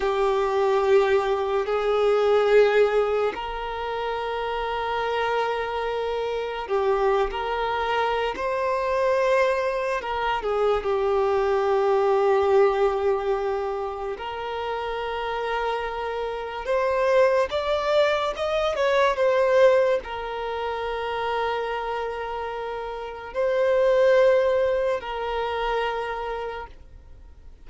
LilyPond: \new Staff \with { instrumentName = "violin" } { \time 4/4 \tempo 4 = 72 g'2 gis'2 | ais'1 | g'8. ais'4~ ais'16 c''2 | ais'8 gis'8 g'2.~ |
g'4 ais'2. | c''4 d''4 dis''8 cis''8 c''4 | ais'1 | c''2 ais'2 | }